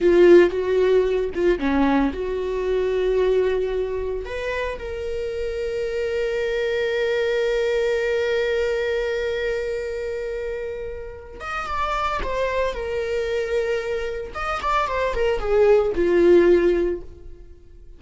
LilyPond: \new Staff \with { instrumentName = "viola" } { \time 4/4 \tempo 4 = 113 f'4 fis'4. f'8 cis'4 | fis'1 | b'4 ais'2.~ | ais'1~ |
ais'1~ | ais'4. dis''8 d''4 c''4 | ais'2. dis''8 d''8 | c''8 ais'8 gis'4 f'2 | }